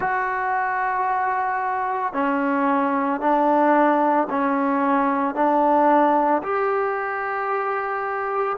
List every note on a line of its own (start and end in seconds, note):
0.00 2.13 F#4
2.13 3.20 C#4
3.20 4.27 D4
4.30 5.35 C#4
5.35 6.42 D4
6.42 8.56 G4